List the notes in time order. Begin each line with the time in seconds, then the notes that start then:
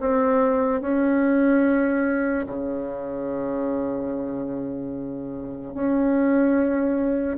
0.00 C4
0.81 C#4
2.47 C#3
5.74 C#4